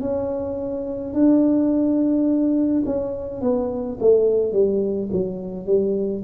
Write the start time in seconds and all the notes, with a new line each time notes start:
0.00 C#4
1.13 D4
2.85 C#4
3.41 B3
3.99 A3
4.52 G3
5.11 F#3
5.66 G3